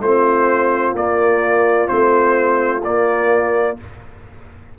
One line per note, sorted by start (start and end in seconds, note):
0.00 0.94 A3
0.00 0.96 C4
0.00 3.78 F4
0.00 0.96 C5
0.95 1.88 A#3
0.95 1.88 D5
1.88 2.84 A3
1.88 2.81 C4
1.88 2.82 C5
2.84 3.77 A#3
2.84 3.78 D5